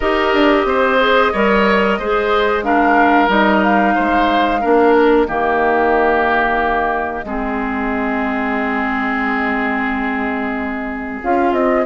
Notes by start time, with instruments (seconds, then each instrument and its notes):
0.00 bassoon D#4, clarinet G4, oboe A#4, flute D#5
0.33 bassoon D4
0.64 bassoon C4, oboe C5
0.99 clarinet G#4
1.32 bassoon G3, clarinet A#4, oboe C#5
1.98 bassoon G#3, clarinet G#4, oboe C5
2.63 clarinet D4, oboe A#4, flute F5
3.28 bassoon G3, clarinet D#4, flute D#5
3.63 flute F5
3.95 bassoon G#3, oboe C5
4.61 bassoon A#3, clarinet D4, oboe A#4
4.94 flute D#5
5.27 bassoon D#3, clarinet A#3, oboe G4
7.24 bassoon G#3, clarinet C4, oboe G#4
11.22 bassoon C#4, clarinet F4, flute F5
11.52 bassoon C4, flute D#5